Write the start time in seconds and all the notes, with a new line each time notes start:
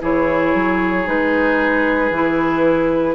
0.00 E3 E4 G#4 C#5
0.54 F#3
1.05 G#3 D#4 B4
2.10 E3 E4